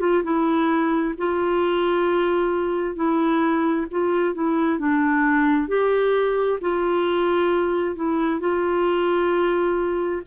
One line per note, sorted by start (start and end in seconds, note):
0.00 0.23 F4
0.24 1.14 E4
1.17 2.95 F4
2.95 3.86 E4
3.90 4.34 F4
4.34 4.79 E4
4.79 5.68 D4
5.68 6.59 G4
6.60 7.95 F4
7.95 8.40 E4
8.40 10.22 F4